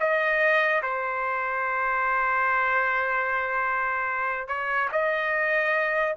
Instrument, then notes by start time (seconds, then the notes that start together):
trumpet
0.00 D#5
0.83 C5
4.48 C#5
4.92 D#5